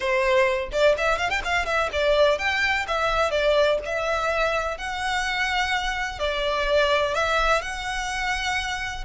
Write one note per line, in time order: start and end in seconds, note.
0.00 0.69 C5
0.71 0.95 D5
0.97 1.18 E5
1.18 1.29 F5
1.29 1.41 G5
1.44 1.65 F5
1.65 1.89 E5
1.92 2.38 D5
2.38 2.85 G5
2.87 3.30 E5
3.30 3.78 D5
3.85 4.77 E5
4.77 6.19 F#5
6.19 7.14 D5
7.14 7.61 E5
7.61 9.04 F#5